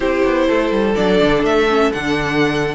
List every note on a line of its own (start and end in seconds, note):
0.00 0.22 C4
0.00 0.94 E4
0.00 0.47 G4
0.00 0.95 C5
0.24 0.48 B3
0.47 0.71 A3
0.47 2.74 A4
0.71 0.95 G3
0.95 1.21 F#3
0.95 1.67 D4
0.95 1.43 D5
1.21 1.43 D3
1.43 1.91 A3
1.43 1.92 E5
1.69 1.92 C#4
1.92 2.74 D3
1.92 2.74 D4
1.92 2.74 F#5